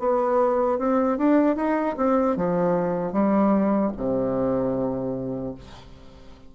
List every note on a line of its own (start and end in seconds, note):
0.00 0.79 B3
0.79 1.18 C4
1.18 1.56 D4
1.56 1.96 D#4
1.97 2.37 C4
2.37 3.13 F3
3.13 3.92 G3
3.97 5.55 C3